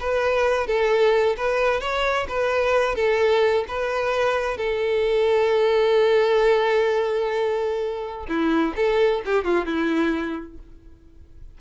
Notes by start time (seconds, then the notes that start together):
0.00 B4
0.67 A4
1.37 B4
1.81 C#5
2.29 B4
2.96 A4
3.68 B4
4.57 A4
8.28 E4
8.76 A4
9.25 G4
9.44 F4
9.66 E4